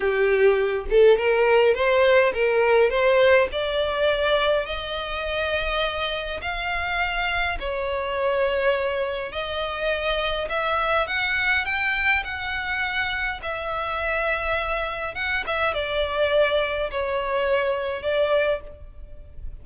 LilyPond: \new Staff \with { instrumentName = "violin" } { \time 4/4 \tempo 4 = 103 g'4. a'8 ais'4 c''4 | ais'4 c''4 d''2 | dis''2. f''4~ | f''4 cis''2. |
dis''2 e''4 fis''4 | g''4 fis''2 e''4~ | e''2 fis''8 e''8 d''4~ | d''4 cis''2 d''4 | }